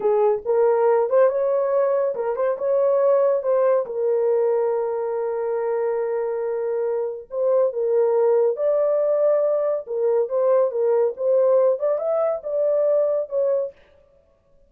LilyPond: \new Staff \with { instrumentName = "horn" } { \time 4/4 \tempo 4 = 140 gis'4 ais'4. c''8 cis''4~ | cis''4 ais'8 c''8 cis''2 | c''4 ais'2.~ | ais'1~ |
ais'4 c''4 ais'2 | d''2. ais'4 | c''4 ais'4 c''4. d''8 | e''4 d''2 cis''4 | }